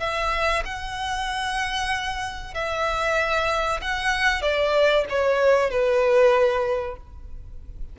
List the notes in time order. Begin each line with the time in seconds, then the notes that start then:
0.00 E5
0.65 F#5
2.55 E5
3.82 F#5
4.42 D5
5.10 C#5
5.71 B4